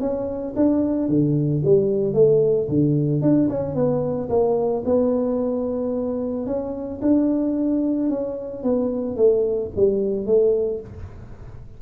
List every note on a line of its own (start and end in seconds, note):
0.00 0.54 C#4
0.56 1.09 D4
1.09 1.63 D3
1.65 2.14 G3
2.14 2.68 A3
2.69 3.22 D3
3.22 3.49 D4
3.50 3.75 C#4
3.75 4.29 B3
4.29 4.84 A#3
4.85 6.46 B3
6.46 7.00 C#4
7.02 8.10 D4
8.10 8.63 C#4
8.63 9.17 B3
9.17 9.71 A3
9.76 10.26 G3
10.26 10.80 A3